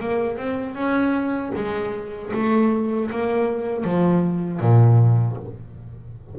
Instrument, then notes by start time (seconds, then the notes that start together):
double bass
0.00 A#3
0.37 C4
0.75 C#4
1.56 G#3
2.34 A3
3.11 A#3
3.84 F3
4.60 A#2